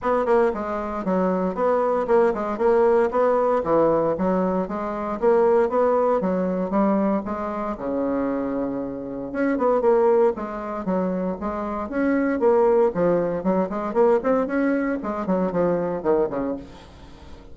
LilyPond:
\new Staff \with { instrumentName = "bassoon" } { \time 4/4 \tempo 4 = 116 b8 ais8 gis4 fis4 b4 | ais8 gis8 ais4 b4 e4 | fis4 gis4 ais4 b4 | fis4 g4 gis4 cis4~ |
cis2 cis'8 b8 ais4 | gis4 fis4 gis4 cis'4 | ais4 f4 fis8 gis8 ais8 c'8 | cis'4 gis8 fis8 f4 dis8 cis8 | }